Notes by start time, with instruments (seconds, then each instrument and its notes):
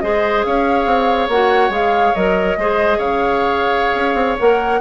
0.00 bassoon G#3, clarinet G#4, oboe C5, flute D#5
0.44 bassoon C#4, oboe C#5, flute F5
0.86 bassoon C4
1.29 bassoon A#3, clarinet F#4, flute F#5
1.70 bassoon G#3, clarinet G#4, flute F5
2.15 bassoon F#3, clarinet A#4, flute D#5
2.57 bassoon G#3, clarinet G#4, oboe C5
2.98 bassoon C#3, oboe C#5, flute F5
3.95 bassoon C#4
4.15 bassoon C4
4.39 bassoon A#3, clarinet A#4, flute F#5